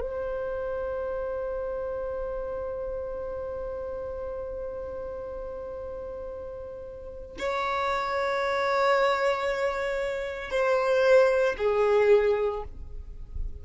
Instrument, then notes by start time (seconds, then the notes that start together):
violin
0.00 C5
7.38 C#5
10.50 C5
11.57 G#4